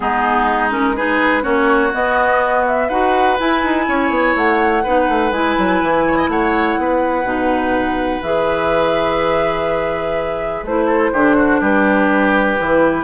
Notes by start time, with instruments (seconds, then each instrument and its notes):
0.00 bassoon G#3, clarinet B3, oboe D#4, flute G#4
0.70 clarinet C#4, flute A#4
0.96 clarinet D#4, oboe G#4, flute B4
1.42 bassoon A#3, clarinet C#4, oboe F#4, flute C#5
1.93 clarinet B3, bassoon B3, flute D#5
2.67 flute E5
2.88 bassoon D#4, clarinet F#4, oboe B4, flute F#5
3.38 clarinet E4, bassoon E4, flute G#5
3.63 bassoon D#4
3.87 bassoon C#4, oboe C#5
4.09 bassoon B3
4.35 bassoon A3, flute F#5
4.83 bassoon B3, clarinet D#4, oboe B4
5.08 bassoon A3
5.31 bassoon G#3, clarinet E4, flute G#5
5.58 bassoon F#3
5.82 bassoon E3
6.07 oboe C#5
6.17 oboe D#5
6.28 bassoon A3, oboe C#5, flute F#5
6.78 bassoon B3, oboe B4
7.23 bassoon B2, clarinet D#4
8.21 bassoon E3, clarinet G#4, flute E5
10.62 bassoon A3, clarinet E4, flute C5
10.86 oboe A4
11.12 bassoon D3, clarinet D4, oboe G4
11.35 oboe F#4
11.60 bassoon G3, oboe G4, flute B4
12.57 bassoon E3, clarinet E4